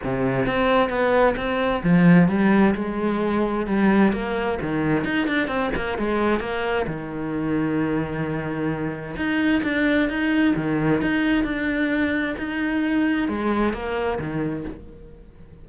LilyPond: \new Staff \with { instrumentName = "cello" } { \time 4/4 \tempo 4 = 131 c4 c'4 b4 c'4 | f4 g4 gis2 | g4 ais4 dis4 dis'8 d'8 | c'8 ais8 gis4 ais4 dis4~ |
dis1 | dis'4 d'4 dis'4 dis4 | dis'4 d'2 dis'4~ | dis'4 gis4 ais4 dis4 | }